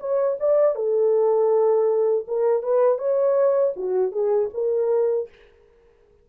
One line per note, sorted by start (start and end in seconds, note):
0.00 0.38 C#5
0.40 0.76 D5
0.76 2.26 A4
2.28 2.63 A#4
2.63 2.99 B4
2.99 3.74 C#5
3.77 4.12 F#4
4.12 4.50 G#4
4.54 5.29 A#4